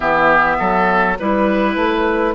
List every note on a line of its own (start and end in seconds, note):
0.00 0.58 E3
0.00 1.16 B3
0.00 0.56 G4
0.00 1.16 E5
0.59 1.18 F#3
0.59 1.17 A4
1.19 1.75 G3
1.19 2.35 E4
1.19 2.35 B4
1.75 2.34 A3